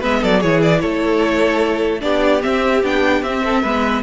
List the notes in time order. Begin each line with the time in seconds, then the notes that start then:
0.00 G#3 B3 B4 E5
0.20 F#3 A4 D5
0.40 E3 E4 G#4 C#5
0.62 D5
0.80 A3 A4 C#5
2.00 B3 D4 G4 D5
2.41 C4 E5
2.83 B3 D4 G5
3.23 C4 E5
3.44 A4
3.62 G#3 B3 B4